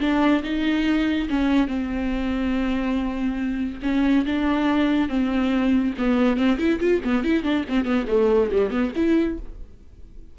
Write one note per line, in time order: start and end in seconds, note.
0.00 0.43 D4
0.43 1.28 D#4
1.30 1.68 C#4
1.68 3.80 C4
3.82 4.25 C#4
4.25 5.09 D4
5.09 5.94 C4
5.98 6.37 B3
6.37 6.58 C4
6.58 6.79 E4
6.80 7.01 F4
7.04 7.24 B3
7.24 7.43 E4
7.43 7.65 D4
7.68 7.85 C4
7.85 8.06 B3
8.08 8.50 A3
8.51 8.70 G3
8.70 8.92 B3
8.96 9.38 E4